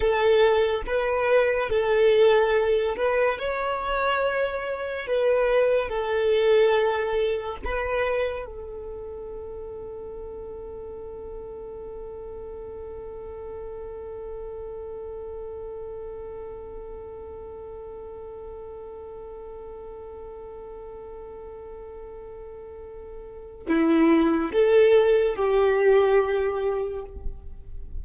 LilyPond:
\new Staff \with { instrumentName = "violin" } { \time 4/4 \tempo 4 = 71 a'4 b'4 a'4. b'8 | cis''2 b'4 a'4~ | a'4 b'4 a'2~ | a'1~ |
a'1~ | a'1~ | a'1 | e'4 a'4 g'2 | }